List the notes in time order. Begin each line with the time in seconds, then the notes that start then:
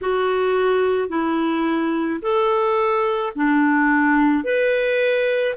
0.01 F#4
1.09 E4
2.22 A4
3.35 D4
4.44 B4